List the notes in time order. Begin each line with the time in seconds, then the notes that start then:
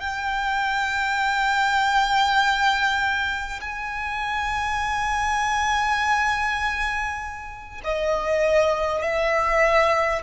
0.00 G5
3.61 G#5
7.84 D#5
9.02 E5